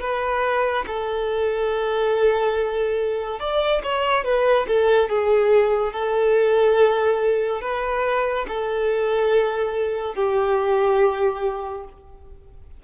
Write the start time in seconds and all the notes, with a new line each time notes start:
0.00 B4
0.86 A4
3.39 D5
3.83 C#5
4.24 B4
4.67 A4
5.09 G#4
5.93 A4
7.61 B4
8.48 A4
10.14 G4